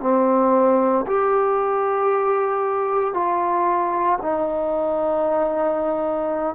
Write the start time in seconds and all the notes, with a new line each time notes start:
0.00 C4
1.06 G4
3.13 F4
4.22 D#4